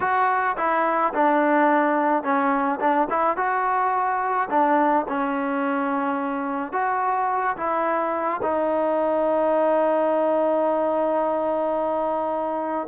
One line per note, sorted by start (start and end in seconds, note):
0.00 0.56 F#4
0.57 1.13 E4
1.14 2.23 D4
2.23 2.79 C#4
2.79 3.07 D4
3.10 3.36 E4
3.36 4.49 F#4
4.49 5.05 D4
5.08 6.72 C#4
6.72 7.56 F#4
7.56 8.41 E4
8.42 12.87 D#4